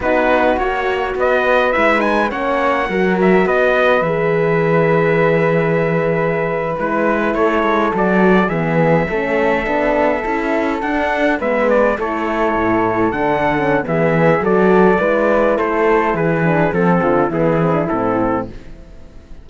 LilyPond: <<
  \new Staff \with { instrumentName = "trumpet" } { \time 4/4 \tempo 4 = 104 b'4 cis''4 dis''4 e''8 gis''8 | fis''4. e''8 dis''4 e''4~ | e''2.~ e''8. b'16~ | b'8. cis''4 d''4 e''4~ e''16~ |
e''2~ e''8. fis''4 e''16~ | e''16 d''8 cis''2 fis''4~ fis''16 | e''4 d''2 c''4 | b'4 a'4 gis'4 a'4 | }
  \new Staff \with { instrumentName = "flute" } { \time 4/4 fis'2 b'2 | cis''4 ais'4 b'2~ | b'1~ | b'8. a'2 gis'4 a'16~ |
a'2.~ a'8. b'16~ | b'8. a'2.~ a'16 | gis'4 a'4 b'4 a'4 | gis'4 a'8 f'8 e'2 | }
  \new Staff \with { instrumentName = "horn" } { \time 4/4 dis'4 fis'2 e'8 dis'8 | cis'4 fis'2 gis'4~ | gis'2.~ gis'8. e'16~ | e'4.~ e'16 fis'4 b4 cis'16~ |
cis'8. d'4 e'4 d'4 b16~ | b8. e'2 d'8. cis'8 | b4 fis'4 e'2~ | e'8 d'8 c'4 b8 c'16 d'16 c'4 | }
  \new Staff \with { instrumentName = "cello" } { \time 4/4 b4 ais4 b4 gis4 | ais4 fis4 b4 e4~ | e2.~ e8. gis16~ | gis8. a8 gis8 fis4 e4 a16~ |
a8. b4 cis'4 d'4 gis16~ | gis8. a4 a,4 d4~ d16 | e4 fis4 gis4 a4 | e4 f8 d8 e4 a,4 | }
>>